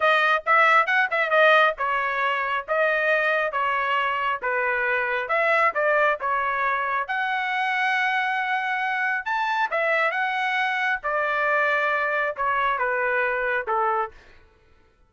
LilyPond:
\new Staff \with { instrumentName = "trumpet" } { \time 4/4 \tempo 4 = 136 dis''4 e''4 fis''8 e''8 dis''4 | cis''2 dis''2 | cis''2 b'2 | e''4 d''4 cis''2 |
fis''1~ | fis''4 a''4 e''4 fis''4~ | fis''4 d''2. | cis''4 b'2 a'4 | }